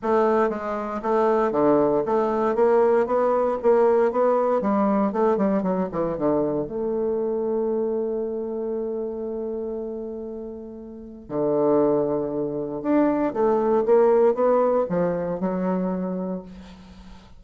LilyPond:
\new Staff \with { instrumentName = "bassoon" } { \time 4/4 \tempo 4 = 117 a4 gis4 a4 d4 | a4 ais4 b4 ais4 | b4 g4 a8 g8 fis8 e8 | d4 a2.~ |
a1~ | a2 d2~ | d4 d'4 a4 ais4 | b4 f4 fis2 | }